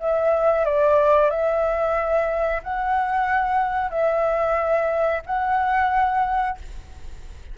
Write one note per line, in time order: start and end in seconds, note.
0.00 0.65 E5
0.65 1.30 D5
1.30 2.62 E5
2.63 3.91 F#5
3.91 5.23 E5
5.26 6.58 F#5